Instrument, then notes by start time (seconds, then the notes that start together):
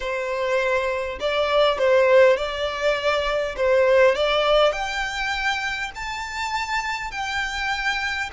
violin
0.00 C5
1.20 D5
1.78 C5
2.37 D5
3.56 C5
4.15 D5
4.72 G5
5.95 A5
7.11 G5